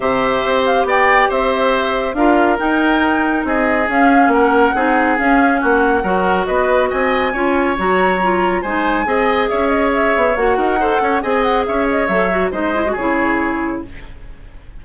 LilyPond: <<
  \new Staff \with { instrumentName = "flute" } { \time 4/4 \tempo 4 = 139 e''4. f''8 g''4 e''4~ | e''4 f''4 g''2 | dis''4 f''4 fis''2 | f''4 fis''2 dis''4 |
gis''2 ais''2 | gis''2 e''8 dis''8 e''4 | fis''2 gis''8 fis''8 e''8 dis''8 | e''4 dis''4 cis''2 | }
  \new Staff \with { instrumentName = "oboe" } { \time 4/4 c''2 d''4 c''4~ | c''4 ais'2. | gis'2 ais'4 gis'4~ | gis'4 fis'4 ais'4 b'4 |
dis''4 cis''2. | c''4 dis''4 cis''2~ | cis''8 ais'8 c''8 cis''8 dis''4 cis''4~ | cis''4 c''4 gis'2 | }
  \new Staff \with { instrumentName = "clarinet" } { \time 4/4 g'1~ | g'4 f'4 dis'2~ | dis'4 cis'2 dis'4 | cis'2 fis'2~ |
fis'4 f'4 fis'4 f'4 | dis'4 gis'2. | fis'4 a'4 gis'2 | a'8 fis'8 dis'8 e'16 fis'16 e'2 | }
  \new Staff \with { instrumentName = "bassoon" } { \time 4/4 c4 c'4 b4 c'4~ | c'4 d'4 dis'2 | c'4 cis'4 ais4 c'4 | cis'4 ais4 fis4 b4 |
c'4 cis'4 fis2 | gis4 c'4 cis'4. b8 | ais8 dis'4 cis'8 c'4 cis'4 | fis4 gis4 cis2 | }
>>